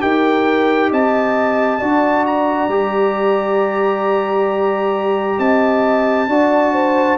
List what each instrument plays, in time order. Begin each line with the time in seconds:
0.00 tuba D#4, trombone G4, horn A#4, trumpet G5
0.90 tuba C4, horn D#5, trumpet A5
1.79 tuba D4, trombone F#4, horn D5
2.26 trumpet A#5
2.68 tuba G3, trombone G4
5.38 tuba C4, horn D#5, trumpet A5
6.27 tuba D4, trombone F#4, horn D5
6.73 horn C5